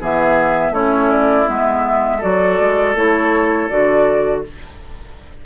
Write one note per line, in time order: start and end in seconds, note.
0.00 0.71 E3
0.00 0.73 B3
0.00 0.73 G#4
0.00 0.74 E5
0.71 1.45 A3
0.71 1.46 C#4
0.71 2.18 E4
0.71 1.11 C#5
1.11 1.48 D5
1.46 2.23 G#3
1.46 2.20 B3
1.46 2.23 E5
2.18 2.60 F#3
2.18 2.95 F#4
2.18 4.40 A4
2.18 2.97 D5
2.60 2.95 G#3
2.95 3.69 A3
2.95 3.70 E4
2.95 3.69 C#5
3.69 4.46 D3
3.69 4.44 F#4
3.69 4.43 D5